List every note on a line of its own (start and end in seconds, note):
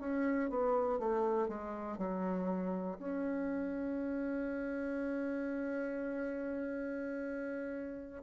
0.00 0.50 C#4
0.50 0.99 B3
0.99 1.49 A3
1.49 1.98 G#3
1.98 2.98 F#3
2.99 8.23 C#4